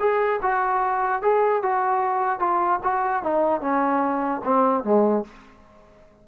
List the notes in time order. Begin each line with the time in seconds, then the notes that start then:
0.00 G#4
0.42 F#4
1.23 G#4
1.63 F#4
2.40 F4
2.84 F#4
3.23 D#4
3.61 C#4
4.44 C4
4.84 G#3